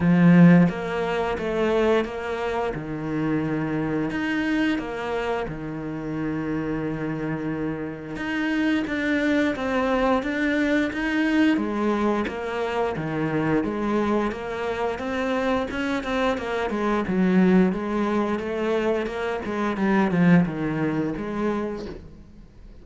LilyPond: \new Staff \with { instrumentName = "cello" } { \time 4/4 \tempo 4 = 88 f4 ais4 a4 ais4 | dis2 dis'4 ais4 | dis1 | dis'4 d'4 c'4 d'4 |
dis'4 gis4 ais4 dis4 | gis4 ais4 c'4 cis'8 c'8 | ais8 gis8 fis4 gis4 a4 | ais8 gis8 g8 f8 dis4 gis4 | }